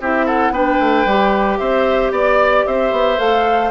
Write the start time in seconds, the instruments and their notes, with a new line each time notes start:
0.00 bassoon C4, clarinet E4, oboe G4, flute E5
0.25 oboe A4, flute F#5
0.50 bassoon B3, clarinet D4, oboe B4, flute G5
0.79 bassoon A3
1.05 bassoon G3, clarinet G4
1.58 bassoon C4, oboe C5, flute E5
2.11 bassoon B3, oboe D5, flute D5
2.66 bassoon C4, oboe C5, flute E5
2.91 bassoon B3
3.17 bassoon A3, clarinet A4, flute F5